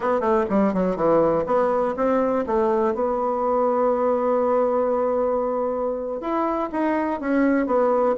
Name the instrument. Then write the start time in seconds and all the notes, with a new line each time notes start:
bassoon
0.00 B3
0.20 A3
0.49 G3
0.73 F#3
0.96 E3
1.46 B3
1.96 C4
2.46 A3
2.94 B3
6.20 E4
6.72 D#4
7.20 C#4
7.66 B3